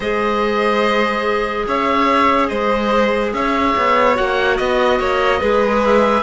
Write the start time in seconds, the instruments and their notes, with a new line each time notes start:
0.00 cello G#3, clarinet G#4, violin C5, oboe D#5
1.67 cello C#4, violin C#5, oboe E5
2.47 cello G#3, violin C5, oboe D#5
3.33 cello C#4, violin C#5, oboe E5
3.77 cello B3
4.15 cello A#3, clarinet F#4, oboe F#5
4.57 cello B3, oboe D#5, violin D#5
4.99 cello A#3, violin C#5
5.39 cello G#3, clarinet G#4, violin B4
5.85 oboe E5